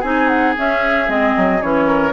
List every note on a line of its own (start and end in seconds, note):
0.00 0.56 C4
0.00 0.55 D#4
0.00 1.84 G#4
0.00 0.27 G#5
0.27 0.54 F#5
0.56 1.07 C#4
0.56 1.08 C#4
0.56 1.10 E5
1.07 1.34 G#3
1.07 1.60 C4
1.07 1.62 D#5
1.36 1.62 F#3
1.62 2.12 E3
1.62 2.12 C#4
1.62 2.12 C#5
1.86 2.12 A#4